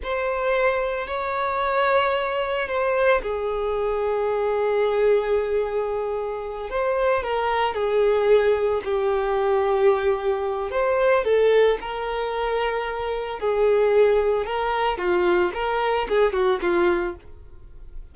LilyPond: \new Staff \with { instrumentName = "violin" } { \time 4/4 \tempo 4 = 112 c''2 cis''2~ | cis''4 c''4 gis'2~ | gis'1~ | gis'8 c''4 ais'4 gis'4.~ |
gis'8 g'2.~ g'8 | c''4 a'4 ais'2~ | ais'4 gis'2 ais'4 | f'4 ais'4 gis'8 fis'8 f'4 | }